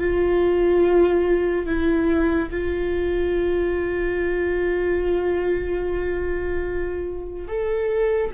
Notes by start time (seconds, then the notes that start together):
0.00 F4
1.66 E4
2.51 F4
7.48 A4